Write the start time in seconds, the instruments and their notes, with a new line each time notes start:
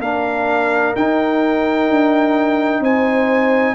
0.00 tuba A#3, trombone D4, horn A#4, trumpet F5
0.96 tuba D#4, trombone D#4, trumpet G5
1.89 tuba D4
2.81 tuba C4, horn C5, trumpet G#5